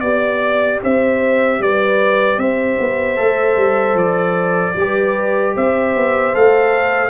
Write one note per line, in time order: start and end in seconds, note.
0.00 0.80 B3
0.00 3.16 G4
0.00 0.79 D5
0.00 0.82 D5
0.83 1.59 C4
0.83 1.62 C5
0.83 1.62 E5
1.59 2.37 G3
1.59 2.40 B4
1.59 2.39 D5
2.37 2.77 C4
2.37 4.77 C5
2.37 3.97 E5
2.79 3.18 B3
3.16 3.56 A3
3.16 4.74 A4
3.56 3.94 G3
3.94 4.73 F3
3.94 5.55 D5
4.76 5.55 G3
4.76 6.34 G4
4.76 5.55 B4
5.55 5.96 C4
5.55 7.10 C5
5.55 6.35 E5
5.96 6.35 B3
6.34 7.10 A3
6.34 7.10 A4
6.34 7.10 F5